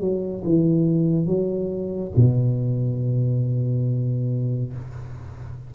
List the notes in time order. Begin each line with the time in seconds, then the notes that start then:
0.00 F#3
0.44 E3
1.26 F#3
2.16 B2